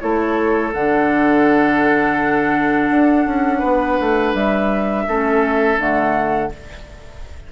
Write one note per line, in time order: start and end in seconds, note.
0.00 0.74 A3
0.00 0.72 E4
0.00 3.59 A4
0.00 0.72 C#5
0.73 2.90 D3
0.73 5.09 D4
0.73 4.35 F#5
2.90 3.26 D4
3.26 3.62 C#4
3.59 3.99 B3
3.59 5.03 B4
4.00 4.34 A3
4.34 5.06 G3
4.34 5.79 E5
5.08 5.78 A3
5.08 5.78 C#4
5.08 6.52 A4
5.78 6.50 D3
5.78 6.50 A3
5.78 6.52 F#5